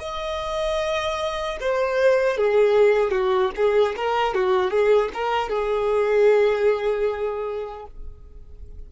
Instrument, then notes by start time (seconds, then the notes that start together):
violin
0.00 D#5
1.61 C5
2.38 G#4
3.11 F#4
3.56 G#4
3.97 A#4
4.35 F#4
4.71 G#4
5.14 A#4
5.49 G#4